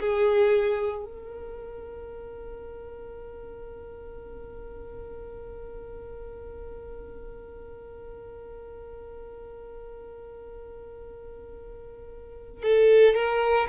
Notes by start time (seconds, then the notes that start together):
0.00 G#4
1.05 A#4
12.63 A4
13.15 A#4